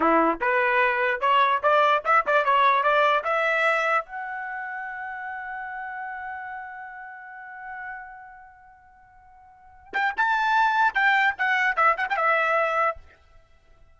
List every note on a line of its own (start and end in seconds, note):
0.00 0.39 E4
0.40 1.20 B4
1.20 1.61 C#5
1.62 2.03 D5
2.04 2.25 E5
2.26 2.44 D5
2.44 2.83 C#5
2.83 3.23 D5
3.24 4.05 E5
4.05 9.93 F#5
9.93 10.14 G5
10.16 10.94 A5
10.94 11.35 G5
11.38 11.76 F#5
11.76 11.96 E5
11.97 12.07 F#5
12.09 12.16 G5
12.16 12.97 E5